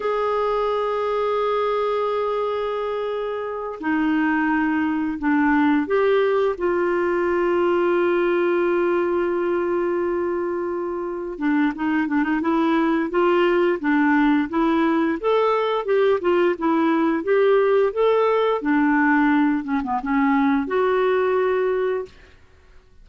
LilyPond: \new Staff \with { instrumentName = "clarinet" } { \time 4/4 \tempo 4 = 87 gis'1~ | gis'4. dis'2 d'8~ | d'8 g'4 f'2~ f'8~ | f'1~ |
f'8 d'8 dis'8 d'16 dis'16 e'4 f'4 | d'4 e'4 a'4 g'8 f'8 | e'4 g'4 a'4 d'4~ | d'8 cis'16 b16 cis'4 fis'2 | }